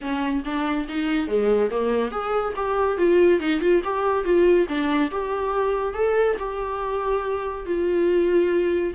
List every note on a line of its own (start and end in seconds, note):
0.01 0.43 C#4
0.44 0.87 D4
0.88 1.27 D#4
1.27 1.70 G#3
1.70 2.11 A#3
2.11 2.53 G#4
2.56 2.97 G4
2.97 3.39 F4
3.39 3.60 D#4
3.60 3.82 F4
3.84 4.24 G4
4.24 4.67 F4
4.68 5.10 D4
5.11 5.94 G4
5.94 6.36 A4
6.38 7.66 G4
7.66 8.93 F4